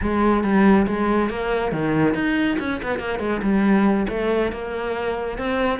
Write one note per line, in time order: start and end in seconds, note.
0.01 0.43 G#3
0.43 0.86 G3
0.86 1.29 G#3
1.29 1.72 A#3
1.72 2.14 D#3
2.14 2.57 D#4
2.59 2.80 C#4
2.82 2.99 B3
2.99 3.19 A#3
3.19 3.40 G#3
3.42 4.06 G3
4.09 4.51 A3
4.52 5.37 A#3
5.37 5.79 C4